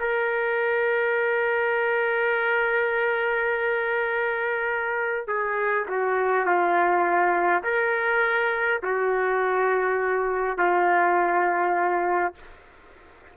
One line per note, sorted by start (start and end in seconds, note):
0.00 5.28 A#4
5.28 5.87 G#4
5.89 6.46 F#4
6.46 7.64 F4
7.64 8.82 A#4
8.83 10.58 F#4
10.58 12.35 F4